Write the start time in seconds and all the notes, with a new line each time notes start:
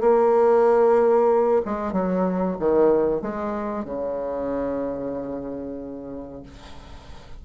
0.00 A#3
1.65 G#3
1.92 F#3
2.59 D#3
3.21 G#3
3.84 C#3